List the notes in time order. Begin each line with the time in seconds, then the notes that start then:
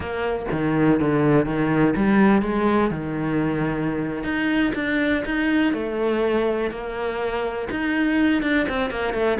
0.00 A#3
0.51 D#3
1.00 D3
1.45 D#3
1.95 G3
2.41 G#3
2.90 D#3
4.23 D#4
4.74 D4
5.25 D#4
5.73 A3
6.71 A#3
7.71 D#4
8.42 D4
8.69 C4
8.90 A#3
9.13 A3